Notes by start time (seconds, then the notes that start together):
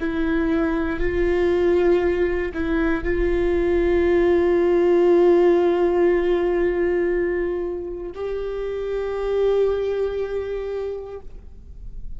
0.00 E4
1.00 F4
2.54 E4
3.04 F4
8.15 G4